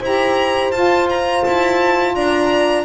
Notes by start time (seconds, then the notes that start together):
0.00 E4 G4 C5 A#5
0.71 F4 A5
1.09 A#5
1.44 E4 A5
2.15 D4 D5 A#5